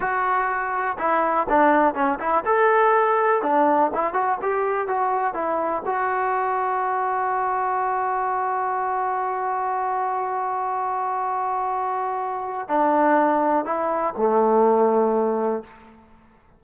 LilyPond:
\new Staff \with { instrumentName = "trombone" } { \time 4/4 \tempo 4 = 123 fis'2 e'4 d'4 | cis'8 e'8 a'2 d'4 | e'8 fis'8 g'4 fis'4 e'4 | fis'1~ |
fis'1~ | fis'1~ | fis'2 d'2 | e'4 a2. | }